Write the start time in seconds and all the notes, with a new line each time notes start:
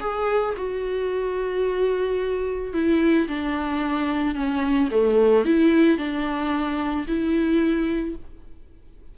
0.00 G#4
0.57 F#4
2.73 E4
3.28 D4
4.35 C#4
4.91 A3
5.45 E4
5.98 D4
7.07 E4